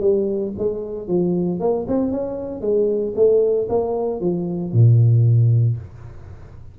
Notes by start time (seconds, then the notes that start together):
0.00 G3
0.58 G#3
1.07 F3
1.59 A#3
1.88 C4
2.11 C#4
2.61 G#3
3.16 A3
3.69 A#3
4.20 F3
4.72 A#2